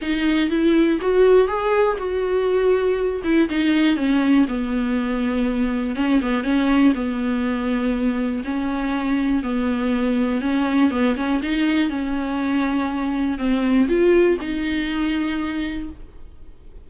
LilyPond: \new Staff \with { instrumentName = "viola" } { \time 4/4 \tempo 4 = 121 dis'4 e'4 fis'4 gis'4 | fis'2~ fis'8 e'8 dis'4 | cis'4 b2. | cis'8 b8 cis'4 b2~ |
b4 cis'2 b4~ | b4 cis'4 b8 cis'8 dis'4 | cis'2. c'4 | f'4 dis'2. | }